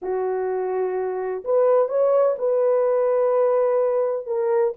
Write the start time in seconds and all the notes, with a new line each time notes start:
0.02 F#4
1.44 B4
1.88 C#5
2.38 B4
4.26 A#4